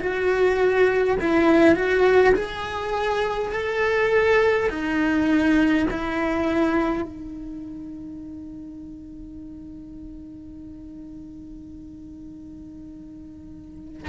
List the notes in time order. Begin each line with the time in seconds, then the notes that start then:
0.00 F#4
1.21 E4
1.75 F#4
2.35 G#4
3.52 A4
4.70 D#4
5.90 E4
7.03 D#4